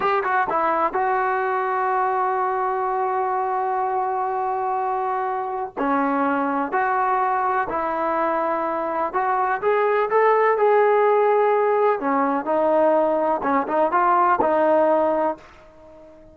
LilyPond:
\new Staff \with { instrumentName = "trombone" } { \time 4/4 \tempo 4 = 125 g'8 fis'8 e'4 fis'2~ | fis'1~ | fis'1 | cis'2 fis'2 |
e'2. fis'4 | gis'4 a'4 gis'2~ | gis'4 cis'4 dis'2 | cis'8 dis'8 f'4 dis'2 | }